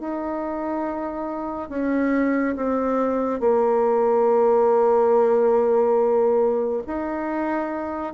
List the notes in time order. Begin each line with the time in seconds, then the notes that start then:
0.00 D#4
1.70 C#4
2.57 C4
3.41 A#3
6.87 D#4